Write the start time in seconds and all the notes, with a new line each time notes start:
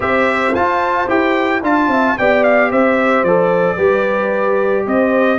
0.00 C4 G4 C5 E5
0.53 F4 A5
1.07 E4 G4 G5
1.62 D4 F4 F5 A5
1.87 C4 E5
2.18 B3 G4 D5 G5
2.43 F5
2.70 C4 C5 E5
3.23 F3 A4 D5
3.76 G3 G4 B4
4.85 C4 C5 D#5